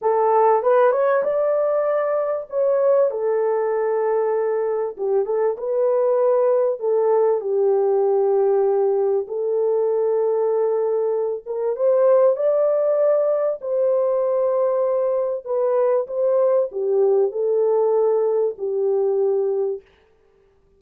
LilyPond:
\new Staff \with { instrumentName = "horn" } { \time 4/4 \tempo 4 = 97 a'4 b'8 cis''8 d''2 | cis''4 a'2. | g'8 a'8 b'2 a'4 | g'2. a'4~ |
a'2~ a'8 ais'8 c''4 | d''2 c''2~ | c''4 b'4 c''4 g'4 | a'2 g'2 | }